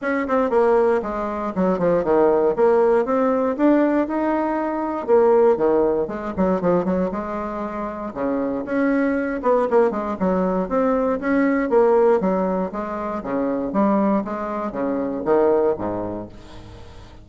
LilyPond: \new Staff \with { instrumentName = "bassoon" } { \time 4/4 \tempo 4 = 118 cis'8 c'8 ais4 gis4 fis8 f8 | dis4 ais4 c'4 d'4 | dis'2 ais4 dis4 | gis8 fis8 f8 fis8 gis2 |
cis4 cis'4. b8 ais8 gis8 | fis4 c'4 cis'4 ais4 | fis4 gis4 cis4 g4 | gis4 cis4 dis4 gis,4 | }